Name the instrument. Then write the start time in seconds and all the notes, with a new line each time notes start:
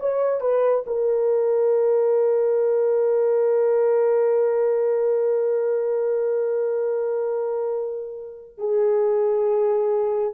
horn
0.00 C#5
0.41 B4
0.87 A#4
8.58 G#4